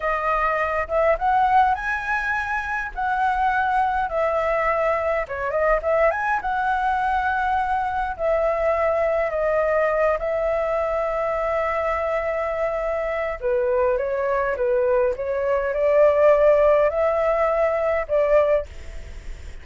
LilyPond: \new Staff \with { instrumentName = "flute" } { \time 4/4 \tempo 4 = 103 dis''4. e''8 fis''4 gis''4~ | gis''4 fis''2 e''4~ | e''4 cis''8 dis''8 e''8 gis''8 fis''4~ | fis''2 e''2 |
dis''4. e''2~ e''8~ | e''2. b'4 | cis''4 b'4 cis''4 d''4~ | d''4 e''2 d''4 | }